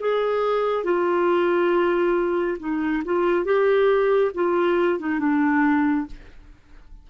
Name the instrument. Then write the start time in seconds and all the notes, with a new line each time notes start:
clarinet
0.00 G#4
0.84 F4
2.59 D#4
3.05 F4
3.45 G4
4.34 F4
4.99 D#4
5.19 D4